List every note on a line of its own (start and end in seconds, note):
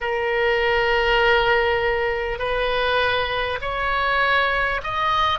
0.01 2.38 A#4
2.38 3.58 B4
3.61 4.81 C#5
4.83 5.39 D#5